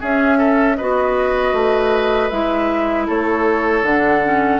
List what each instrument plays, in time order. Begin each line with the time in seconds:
0.00 bassoon C#4, clarinet C#4, oboe G#4, flute E5
0.38 oboe A4
0.76 bassoon B3, clarinet F#4, oboe B4, flute D#5
1.53 bassoon A3
2.29 bassoon G#3, clarinet E4, flute E5
3.06 bassoon A3, oboe A4, flute C#5
3.83 bassoon D3, clarinet D4, flute F#5
4.23 clarinet C#4